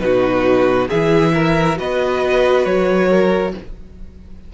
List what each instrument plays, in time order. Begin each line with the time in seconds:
0.00 cello B2, viola D#4, violin F#4 B4
0.88 cello E3, viola E4, violin G#4 E5
1.34 violin A#4
1.76 cello B3, viola F#4, violin B4 D#5
2.65 cello F#3, violin C#5
3.09 violin A#4